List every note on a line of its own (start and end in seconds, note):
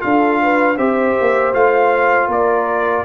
0.00 0.78 D4
0.00 0.76 F4
0.00 0.42 A4
0.00 0.77 F5
0.43 0.78 B4
0.78 1.16 C4
0.78 1.54 G4
0.78 2.29 C5
0.78 1.53 E5
1.21 1.54 A#3
1.54 2.28 A3
1.54 3.05 F4
1.54 2.30 F5
2.28 3.04 A#3
2.28 3.05 A#4
2.28 3.05 D5